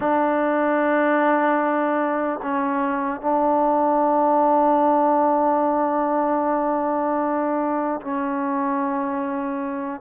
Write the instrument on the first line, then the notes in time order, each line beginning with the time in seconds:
trombone
0.00 D4
2.42 C#4
3.20 D4
8.01 C#4